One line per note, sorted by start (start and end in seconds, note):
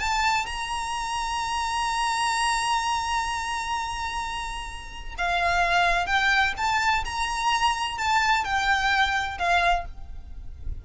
0.00 0.46 A5
0.46 5.15 A#5
5.18 6.07 F5
6.07 6.54 G5
6.58 7.04 A5
7.05 7.99 A#5
7.99 8.45 A5
8.45 9.39 G5
9.39 9.86 F5